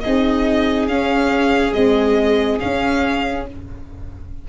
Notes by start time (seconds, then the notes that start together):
0.00 D#4 G#4 D#5
0.06 C4
0.87 C#4 F5
1.72 G#3 C4 D#5
2.59 C#4 F5